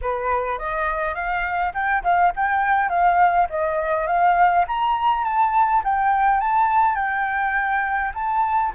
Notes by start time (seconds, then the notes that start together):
0.01 B4
0.58 D#5
1.14 F5
1.73 G5
2.03 F5
2.36 G5
2.89 F5
3.50 D#5
4.06 F5
4.67 A#5
5.24 A5
5.84 G5
6.40 A5
6.95 G5
8.14 A5